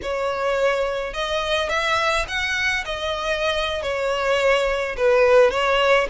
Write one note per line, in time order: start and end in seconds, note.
0.02 1.13 C#5
1.13 1.69 D#5
1.69 2.25 E5
2.28 2.84 F#5
2.85 3.82 D#5
3.82 4.95 C#5
4.96 5.50 B4
5.50 6.07 C#5